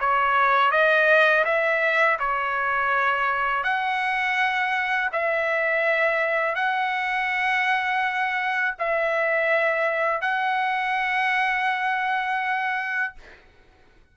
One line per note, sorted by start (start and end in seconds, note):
0.00 0.71 C#5
0.71 1.44 D#5
1.45 2.18 E5
2.19 3.64 C#5
3.64 5.10 F#5
5.12 6.55 E5
6.55 8.75 F#5
8.79 10.21 E5
10.21 13.14 F#5